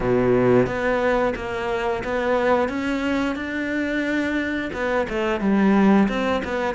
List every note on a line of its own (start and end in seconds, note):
0.00 0.66 B2
0.66 1.33 B3
1.35 2.03 A#3
2.04 2.68 B3
2.68 3.35 C#4
3.35 4.70 D4
4.73 5.07 B3
5.09 5.40 A3
5.40 6.08 G3
6.08 6.42 C4
6.44 6.74 B3